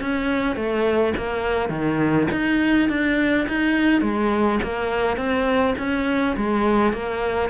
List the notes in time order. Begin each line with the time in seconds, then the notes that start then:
0.00 C#4
0.56 A3
1.17 A#3
1.69 D#3
2.31 D#4
2.89 D4
3.48 D#4
4.01 G#3
4.63 A#3
5.17 C4
5.78 C#4
6.36 G#3
6.93 A#3